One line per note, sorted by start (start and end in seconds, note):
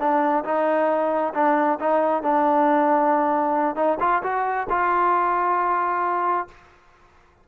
0.00 0.44 D4
0.45 1.34 D#4
1.34 1.79 D4
1.80 2.23 D#4
2.23 3.76 D4
3.76 3.98 D#4
4.00 4.23 F4
4.23 4.67 F#4
4.70 6.48 F4